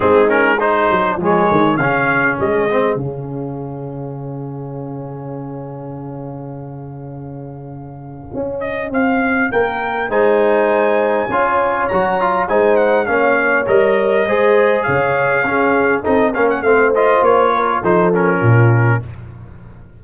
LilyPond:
<<
  \new Staff \with { instrumentName = "trumpet" } { \time 4/4 \tempo 4 = 101 gis'8 ais'8 c''4 cis''4 f''4 | dis''4 f''2.~ | f''1~ | f''2~ f''8 dis''8 f''4 |
g''4 gis''2. | ais''4 gis''8 fis''8 f''4 dis''4~ | dis''4 f''2 dis''8 f''16 fis''16 | f''8 dis''8 cis''4 c''8 ais'4. | }
  \new Staff \with { instrumentName = "horn" } { \time 4/4 dis'4 gis'2.~ | gis'1~ | gis'1~ | gis'1 |
ais'4 c''2 cis''4~ | cis''4 c''4 cis''2 | c''4 cis''4 gis'4 a'8 ais'8 | c''4. ais'8 a'4 f'4 | }
  \new Staff \with { instrumentName = "trombone" } { \time 4/4 c'8 cis'8 dis'4 gis4 cis'4~ | cis'8 c'8 cis'2.~ | cis'1~ | cis'1~ |
cis'4 dis'2 f'4 | fis'8 f'8 dis'4 cis'4 ais'4 | gis'2 cis'4 dis'8 cis'8 | c'8 f'4. dis'8 cis'4. | }
  \new Staff \with { instrumentName = "tuba" } { \time 4/4 gis4. fis8 f8 dis8 cis4 | gis4 cis2.~ | cis1~ | cis2 cis'4 c'4 |
ais4 gis2 cis'4 | fis4 gis4 ais4 g4 | gis4 cis4 cis'4 c'8 ais8 | a4 ais4 f4 ais,4 | }
>>